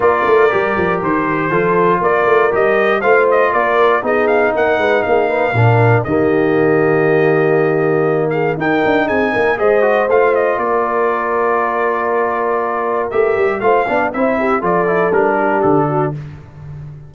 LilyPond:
<<
  \new Staff \with { instrumentName = "trumpet" } { \time 4/4 \tempo 4 = 119 d''2 c''2 | d''4 dis''4 f''8 dis''8 d''4 | dis''8 f''8 fis''4 f''2 | dis''1~ |
dis''8 f''8 g''4 gis''4 dis''4 | f''8 dis''8 d''2.~ | d''2 e''4 f''4 | e''4 d''4 ais'4 a'4 | }
  \new Staff \with { instrumentName = "horn" } { \time 4/4 ais'2. a'4 | ais'2 c''4 ais'4 | gis'4 ais'8 b'8 gis'8 b'8 ais'4 | g'1~ |
g'8 gis'8 ais'4 gis'8 ais'8 c''4~ | c''4 ais'2.~ | ais'2. c''8 d''8 | c''8 g'8 a'4. g'4 fis'8 | }
  \new Staff \with { instrumentName = "trombone" } { \time 4/4 f'4 g'2 f'4~ | f'4 g'4 f'2 | dis'2. d'4 | ais1~ |
ais4 dis'2 gis'8 fis'8 | f'1~ | f'2 g'4 f'8 d'8 | e'4 f'8 e'8 d'2 | }
  \new Staff \with { instrumentName = "tuba" } { \time 4/4 ais8 a8 g8 f8 dis4 f4 | ais8 a8 g4 a4 ais4 | b4 ais8 gis8 ais4 ais,4 | dis1~ |
dis4 dis'8 d'8 c'8 ais8 gis4 | a4 ais2.~ | ais2 a8 g8 a8 b8 | c'4 f4 g4 d4 | }
>>